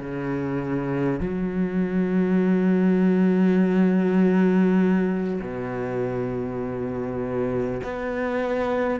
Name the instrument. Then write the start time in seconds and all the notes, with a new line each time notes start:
cello
0.00 C#3
1.19 F#3
5.41 B2
7.83 B3